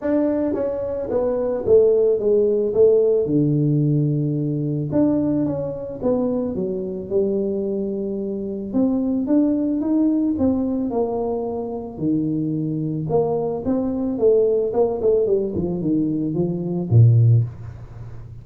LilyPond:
\new Staff \with { instrumentName = "tuba" } { \time 4/4 \tempo 4 = 110 d'4 cis'4 b4 a4 | gis4 a4 d2~ | d4 d'4 cis'4 b4 | fis4 g2. |
c'4 d'4 dis'4 c'4 | ais2 dis2 | ais4 c'4 a4 ais8 a8 | g8 f8 dis4 f4 ais,4 | }